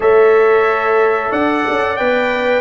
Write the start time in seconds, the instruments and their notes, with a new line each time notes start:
0.00 tuba A3, trombone A4, horn C#5, trumpet E5
1.30 tuba D4, horn D5, trumpet F#5
1.68 tuba C#4
1.96 tuba B3, trombone B4, trumpet G5